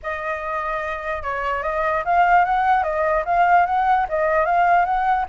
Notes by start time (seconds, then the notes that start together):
0.02 D#5
1.22 C#5
1.63 D#5
2.04 F5
2.44 F#5
2.83 D#5
3.25 F5
3.66 F#5
4.08 D#5
4.45 F5
4.85 F#5